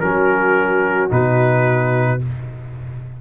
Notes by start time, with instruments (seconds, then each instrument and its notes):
0.00 tuba F#3, trombone C#4, horn F#4, trumpet A#4
1.10 tuba B2, trombone D#4, trumpet B4